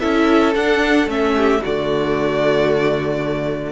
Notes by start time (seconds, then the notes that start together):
0.00 C#4 E4 A4 E5
0.55 D4 F#5
1.07 A3 C#4 E5
1.36 G4
1.62 D3 A3 F#4 D5